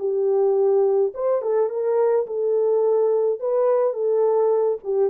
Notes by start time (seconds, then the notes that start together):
0.00 G4
1.14 C5
1.42 A4
1.70 A#4
2.27 A4
3.40 B4
3.94 A4
4.84 G4